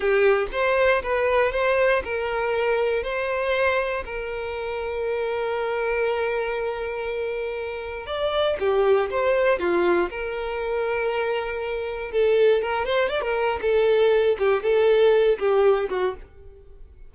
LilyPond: \new Staff \with { instrumentName = "violin" } { \time 4/4 \tempo 4 = 119 g'4 c''4 b'4 c''4 | ais'2 c''2 | ais'1~ | ais'1 |
d''4 g'4 c''4 f'4 | ais'1 | a'4 ais'8 c''8 d''16 ais'8. a'4~ | a'8 g'8 a'4. g'4 fis'8 | }